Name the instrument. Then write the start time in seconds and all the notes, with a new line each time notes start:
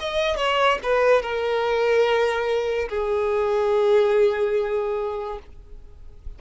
violin
0.00 D#5
0.37 C#5
0.83 B4
1.22 A#4
2.89 G#4